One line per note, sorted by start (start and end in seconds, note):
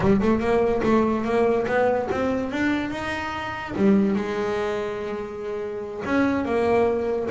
0.00 0.20 G3
0.21 0.39 A3
0.39 0.81 A#3
0.83 1.24 A3
1.24 1.66 A#3
1.67 2.08 B3
2.11 2.51 C4
2.51 2.90 D4
2.90 3.73 D#4
3.75 4.15 G3
4.15 6.03 G#3
6.05 6.45 C#4
6.45 7.28 A#3